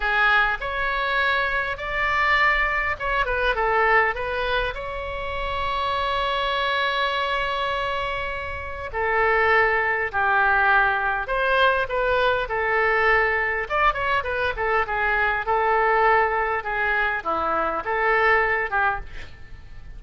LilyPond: \new Staff \with { instrumentName = "oboe" } { \time 4/4 \tempo 4 = 101 gis'4 cis''2 d''4~ | d''4 cis''8 b'8 a'4 b'4 | cis''1~ | cis''2. a'4~ |
a'4 g'2 c''4 | b'4 a'2 d''8 cis''8 | b'8 a'8 gis'4 a'2 | gis'4 e'4 a'4. g'8 | }